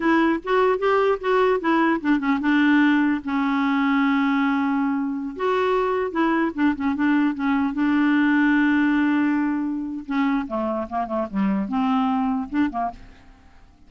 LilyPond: \new Staff \with { instrumentName = "clarinet" } { \time 4/4 \tempo 4 = 149 e'4 fis'4 g'4 fis'4 | e'4 d'8 cis'8 d'2 | cis'1~ | cis'4~ cis'16 fis'2 e'8.~ |
e'16 d'8 cis'8 d'4 cis'4 d'8.~ | d'1~ | d'4 cis'4 a4 ais8 a8 | g4 c'2 d'8 ais8 | }